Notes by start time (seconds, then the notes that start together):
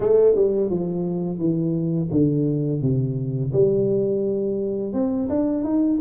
0.00 A3
0.35 G3
0.70 F3
1.38 E3
2.11 D3
2.81 C3
3.52 G3
4.93 C4
5.29 D4
5.64 D#4